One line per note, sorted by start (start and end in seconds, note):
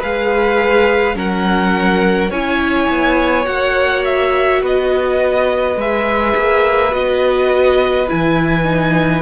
0.00 1.16 G#3
0.00 1.15 G#4
0.00 1.15 B4
0.00 1.18 F5
1.15 2.31 F#3
1.15 2.30 C#4
1.15 2.31 A#4
1.15 2.32 F#5
2.31 2.88 C#4
2.31 3.45 E4
2.31 4.61 C#5
2.31 3.46 G#5
2.89 3.47 B3
3.45 4.62 A#3
3.45 5.75 F#4
3.45 4.04 F#5
4.05 4.62 E5
4.62 5.76 B3
4.62 9.23 B4
4.62 5.81 D#5
5.76 6.34 G#3
5.76 6.91 G#4
5.76 6.94 E5
6.36 6.93 A#3
6.91 8.08 B3
6.91 8.06 F#4
6.91 8.09 D#5
8.08 9.23 E3
8.08 8.64 E4
8.08 9.23 G#5
8.64 9.22 D#4